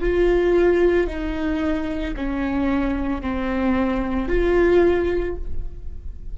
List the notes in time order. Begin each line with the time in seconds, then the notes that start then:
0.00 F4
1.07 D#4
2.16 C#4
3.21 C4
4.28 F4